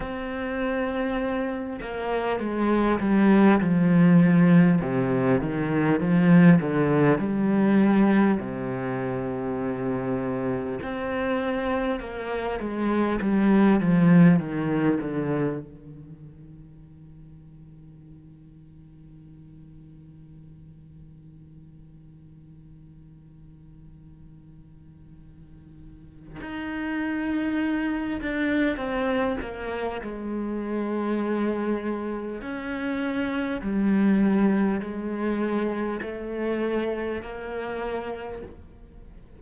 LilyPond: \new Staff \with { instrumentName = "cello" } { \time 4/4 \tempo 4 = 50 c'4. ais8 gis8 g8 f4 | c8 dis8 f8 d8 g4 c4~ | c4 c'4 ais8 gis8 g8 f8 | dis8 d8 dis2.~ |
dis1~ | dis2 dis'4. d'8 | c'8 ais8 gis2 cis'4 | g4 gis4 a4 ais4 | }